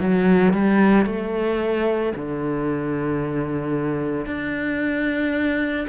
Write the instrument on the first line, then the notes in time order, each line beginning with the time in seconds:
cello
0.00 F#3
0.54 G3
1.06 A3
2.16 D3
4.26 D4